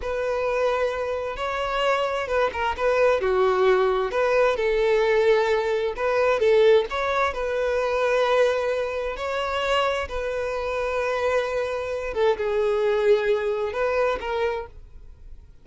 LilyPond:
\new Staff \with { instrumentName = "violin" } { \time 4/4 \tempo 4 = 131 b'2. cis''4~ | cis''4 b'8 ais'8 b'4 fis'4~ | fis'4 b'4 a'2~ | a'4 b'4 a'4 cis''4 |
b'1 | cis''2 b'2~ | b'2~ b'8 a'8 gis'4~ | gis'2 b'4 ais'4 | }